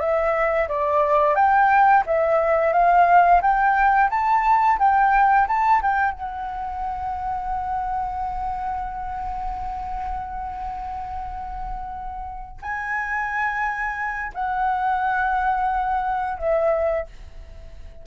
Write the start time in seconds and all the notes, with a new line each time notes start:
0.00 E5
0.68 D5
1.35 G5
2.07 E5
2.73 F5
3.42 G5
4.10 A5
4.79 G5
5.48 A5
5.82 G5
6.12 F#5
12.62 G#5
14.35 F#5
16.38 E5